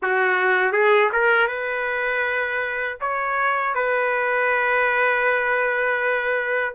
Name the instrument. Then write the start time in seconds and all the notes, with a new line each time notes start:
trumpet
0.02 F#4
0.72 G#4
1.12 A#4
1.47 B4
3.00 C#5
3.75 B4